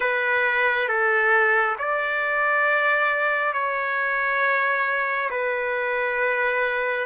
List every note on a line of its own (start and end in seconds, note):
0.00 0.88 B4
0.88 1.76 A4
1.78 3.53 D5
3.53 5.29 C#5
5.30 7.06 B4